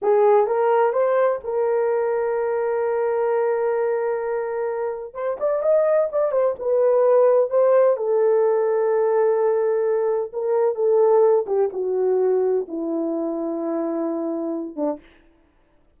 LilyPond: \new Staff \with { instrumentName = "horn" } { \time 4/4 \tempo 4 = 128 gis'4 ais'4 c''4 ais'4~ | ais'1~ | ais'2. c''8 d''8 | dis''4 d''8 c''8 b'2 |
c''4 a'2.~ | a'2 ais'4 a'4~ | a'8 g'8 fis'2 e'4~ | e'2.~ e'8 d'8 | }